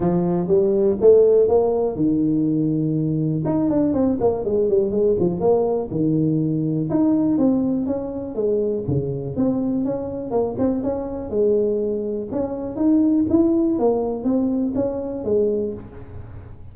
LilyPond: \new Staff \with { instrumentName = "tuba" } { \time 4/4 \tempo 4 = 122 f4 g4 a4 ais4 | dis2. dis'8 d'8 | c'8 ais8 gis8 g8 gis8 f8 ais4 | dis2 dis'4 c'4 |
cis'4 gis4 cis4 c'4 | cis'4 ais8 c'8 cis'4 gis4~ | gis4 cis'4 dis'4 e'4 | ais4 c'4 cis'4 gis4 | }